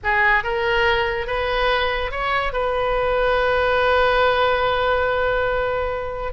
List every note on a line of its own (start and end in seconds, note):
0.03 0.43 G#4
0.43 1.27 A#4
1.27 2.11 B4
2.11 2.52 C#5
2.52 6.32 B4